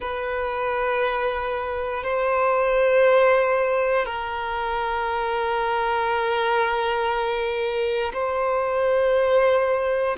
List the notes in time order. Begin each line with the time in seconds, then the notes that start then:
0.00 B4
2.03 C5
4.05 A#4
8.13 C5